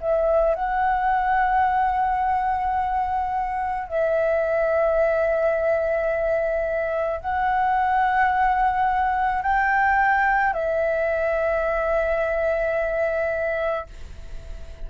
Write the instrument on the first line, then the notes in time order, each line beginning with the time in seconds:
flute
0.00 E5
0.55 F#5
3.88 E5
7.21 F#5
9.42 G5
10.53 E5